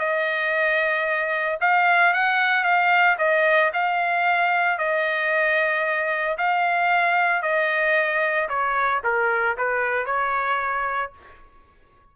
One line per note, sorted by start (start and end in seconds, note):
0.00 1.59 D#5
1.61 2.14 F5
2.14 2.64 F#5
2.64 3.17 F5
3.19 3.72 D#5
3.74 4.79 F5
4.79 6.38 D#5
6.38 7.43 F5
7.43 8.49 D#5
8.49 9.02 C#5
9.04 9.57 A#4
9.58 10.06 B4
10.06 11.13 C#5